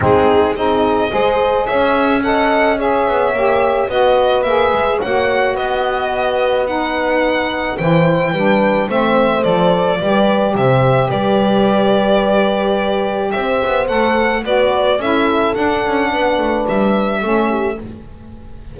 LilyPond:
<<
  \new Staff \with { instrumentName = "violin" } { \time 4/4 \tempo 4 = 108 gis'4 dis''2 e''4 | fis''4 e''2 dis''4 | e''4 fis''4 dis''2 | fis''2 g''2 |
e''4 d''2 e''4 | d''1 | e''4 fis''4 d''4 e''4 | fis''2 e''2 | }
  \new Staff \with { instrumentName = "horn" } { \time 4/4 dis'4 gis'4 c''4 cis''4 | dis''4 cis''2 b'4~ | b'4 cis''4 b'2~ | b'2 c''4 b'4 |
c''2 b'4 c''4 | b'1 | c''2 b'4 a'4~ | a'4 b'2 a'8 g'8 | }
  \new Staff \with { instrumentName = "saxophone" } { \time 4/4 c'4 dis'4 gis'2 | a'4 gis'4 g'4 fis'4 | gis'4 fis'2. | dis'2 e'4 d'4 |
c'4 a'4 g'2~ | g'1~ | g'4 a'4 fis'4 e'4 | d'2. cis'4 | }
  \new Staff \with { instrumentName = "double bass" } { \time 4/4 gis4 c'4 gis4 cis'4~ | cis'4. b8 ais4 b4 | ais8 gis8 ais4 b2~ | b2 e4 g4 |
a4 f4 g4 c4 | g1 | c'8 b8 a4 b4 cis'4 | d'8 cis'8 b8 a8 g4 a4 | }
>>